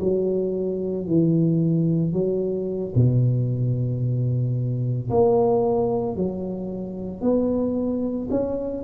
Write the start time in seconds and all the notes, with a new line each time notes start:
0.00 F#3
1.07 E3
2.13 F#3
2.95 B2
5.10 A#3
6.16 F#3
7.21 B3
8.30 C#4